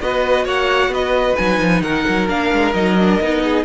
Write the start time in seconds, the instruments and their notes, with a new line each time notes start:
0.00 cello B3, viola F#4, violin B4 D#5
0.45 cello A#3, violin C#5 F#5
0.88 cello B3
0.94 violin B4 D#5
1.36 cello F#3, viola D#4, violin G#5
1.60 cello F3
1.82 cello D#3, violin A#4 F#5
2.09 cello F#3
2.28 cello A#3, viola D4, violin F5
2.53 cello G#3
2.74 cello F#3, viola D#4, violin D#5
2.99 viola D4
3.21 cello B3, viola D#4
3.43 violin G#4